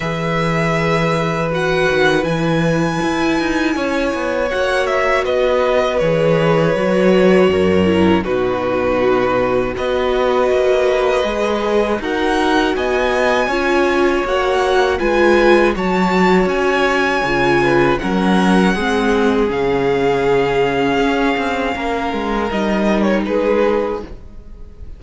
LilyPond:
<<
  \new Staff \with { instrumentName = "violin" } { \time 4/4 \tempo 4 = 80 e''2 fis''4 gis''4~ | gis''2 fis''8 e''8 dis''4 | cis''2. b'4~ | b'4 dis''2. |
fis''4 gis''2 fis''4 | gis''4 a''4 gis''2 | fis''2 f''2~ | f''2 dis''8. cis''16 b'4 | }
  \new Staff \with { instrumentName = "violin" } { \time 4/4 b'1~ | b'4 cis''2 b'4~ | b'2 ais'4 fis'4~ | fis'4 b'2. |
ais'4 dis''4 cis''2 | b'4 cis''2~ cis''8 b'8 | ais'4 gis'2.~ | gis'4 ais'2 gis'4 | }
  \new Staff \with { instrumentName = "viola" } { \time 4/4 gis'2 fis'4 e'4~ | e'2 fis'2 | gis'4 fis'4. e'8 dis'4~ | dis'4 fis'2 gis'4 |
fis'2 f'4 fis'4 | f'4 fis'2 f'4 | cis'4 c'4 cis'2~ | cis'2 dis'2 | }
  \new Staff \with { instrumentName = "cello" } { \time 4/4 e2~ e8 dis8 e4 | e'8 dis'8 cis'8 b8 ais4 b4 | e4 fis4 fis,4 b,4~ | b,4 b4 ais4 gis4 |
dis'4 b4 cis'4 ais4 | gis4 fis4 cis'4 cis4 | fis4 gis4 cis2 | cis'8 c'8 ais8 gis8 g4 gis4 | }
>>